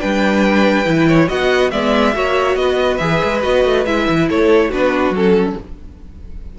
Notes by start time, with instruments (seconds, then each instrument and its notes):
0.00 cello G3, viola D4, violin B4 G5
0.84 cello E3, viola E4
1.08 violin C#5
1.27 cello B3, viola F#4, violin D#5 F#5
1.70 cello G#3, viola B3, violin D5 E5
2.13 cello A#3, viola F#4, violin C#5
2.55 cello B3, violin B4 D#5
2.97 cello E3, viola G#4, violin E5
3.23 cello G#3
3.42 cello B3, viola F#4, violin D#5
3.64 cello A3
3.85 cello G#3, viola E4, violin E5
4.09 cello E3
4.28 cello A3, violin A4 C#5
4.68 cello B3, viola D4, violin F#4 B4
5.10 cello F#3, viola C#4, violin A4